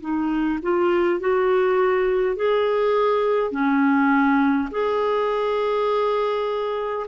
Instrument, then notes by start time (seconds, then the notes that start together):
clarinet
0.00 D#4
0.62 F4
1.19 F#4
2.35 G#4
3.51 C#4
4.71 G#4